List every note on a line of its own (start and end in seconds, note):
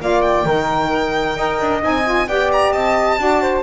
0.00 0.45 A#3
0.00 0.45 F4
0.00 0.46 D5
0.00 0.22 F5
0.22 1.81 G5
0.45 1.36 D#3
0.45 1.37 D#4
0.45 1.37 A#4
1.37 1.60 D#4
1.37 1.81 A#4
1.37 2.28 D#5
1.61 1.83 D4
1.81 2.28 C4
1.81 2.04 D#4
1.81 2.29 G#5
2.05 2.28 F4
2.28 2.73 B3
2.28 3.18 G4
2.28 2.73 D5
2.28 2.51 G5
2.53 2.73 A#5
2.73 3.19 C4
2.73 3.19 D#5
2.73 3.63 A5
3.18 3.63 D4
3.18 3.63 F#4
3.18 3.42 D5
3.42 3.63 C5